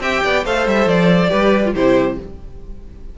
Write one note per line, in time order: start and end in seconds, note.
0.00 0.21 C4
0.00 0.45 G4
0.00 0.23 E5
0.00 0.45 G5
0.24 0.46 B3
0.24 0.44 D5
0.44 0.67 A3
0.44 1.29 A4
0.44 1.30 C5
0.44 0.68 F5
0.67 0.86 G3
0.67 0.88 E5
0.86 1.29 F3
0.86 1.74 D5
1.29 1.75 G3
1.29 1.61 G4
1.29 1.73 B4
1.65 1.75 F4
1.75 2.18 C3
1.75 2.18 E4
1.75 2.18 G4
1.75 2.18 C5